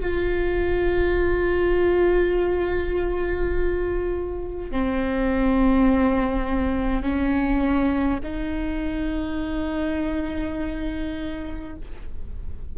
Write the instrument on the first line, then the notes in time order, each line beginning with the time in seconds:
viola
0.00 F4
4.71 C4
7.02 C#4
8.23 D#4